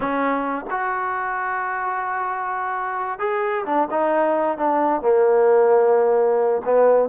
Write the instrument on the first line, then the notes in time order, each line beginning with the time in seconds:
trombone
0.00 C#4
0.70 F#4
3.19 G#4
3.65 D4
3.90 D#4
4.57 D4
5.01 A#3
6.65 B3